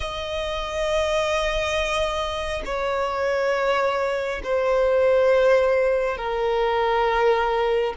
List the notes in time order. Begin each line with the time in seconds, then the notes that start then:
0.00 D#5
2.65 C#5
4.44 C5
6.17 A#4